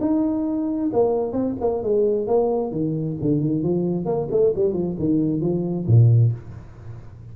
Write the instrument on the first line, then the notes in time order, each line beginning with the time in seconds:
tuba
0.00 D#4
0.92 A#3
1.32 C4
1.60 A#3
1.83 G#3
2.27 A#3
2.71 D#3
3.21 D3
3.40 D#3
3.63 F3
4.05 A#3
4.31 A3
4.55 G3
4.73 F3
4.99 D#3
5.41 F3
5.87 A#2